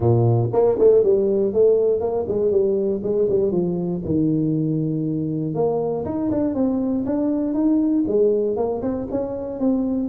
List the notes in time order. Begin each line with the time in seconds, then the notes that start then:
0.00 A#2
0.52 A#3
0.78 A3
1.03 G3
1.53 A3
2.00 A#3
2.27 G#3
2.51 G3
3.03 G#3
3.29 G3
3.51 F3
4.05 D#3
5.54 A#3
6.05 D#4
6.30 D4
6.54 C4
7.05 D4
7.54 D#4
8.07 G#3
8.56 A#3
8.81 C4
9.10 C#4
9.59 C4